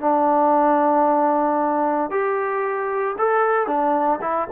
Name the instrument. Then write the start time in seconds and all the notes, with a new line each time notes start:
trombone
0.00 D4
2.11 G4
3.18 A4
3.67 D4
4.21 E4